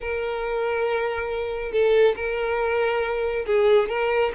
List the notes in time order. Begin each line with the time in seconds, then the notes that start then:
0.00 A#4
1.71 A4
2.16 A#4
3.46 G#4
3.88 A#4